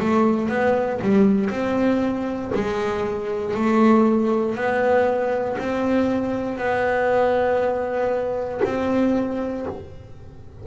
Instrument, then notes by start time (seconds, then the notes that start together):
double bass
0.00 A3
0.49 B3
1.02 G3
1.51 C4
2.55 G#3
3.55 A3
4.56 B3
5.59 C4
6.58 B3
8.65 C4